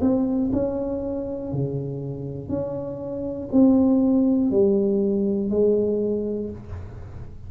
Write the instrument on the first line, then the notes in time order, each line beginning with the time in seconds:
tuba
0.00 C4
0.52 C#4
1.52 C#3
2.48 C#4
3.51 C4
4.50 G3
5.50 G#3